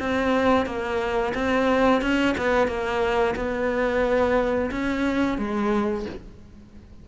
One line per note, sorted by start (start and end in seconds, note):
0.00 0.66 C4
0.66 1.34 A#3
1.35 2.02 C4
2.02 2.36 C#4
2.38 2.68 B3
2.68 3.35 A#3
3.36 4.71 B3
4.71 5.39 C#4
5.39 6.06 G#3